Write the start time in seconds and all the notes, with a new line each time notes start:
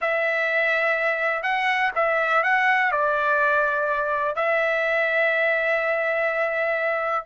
0.01 E5
1.42 F#5
1.95 E5
2.43 F#5
2.91 D5
4.35 E5